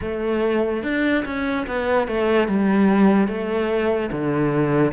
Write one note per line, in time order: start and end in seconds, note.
0.01 0.83 A3
0.83 1.24 D4
1.25 1.66 C#4
1.67 2.07 B3
2.07 2.48 A3
2.48 3.27 G3
3.27 4.09 A3
4.11 4.92 D3